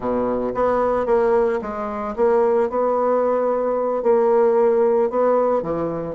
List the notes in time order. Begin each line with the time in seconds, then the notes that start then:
0.00 B2
0.54 B3
1.05 A#3
1.61 G#3
2.16 A#3
2.69 B3
4.03 A#3
5.09 B3
5.62 E3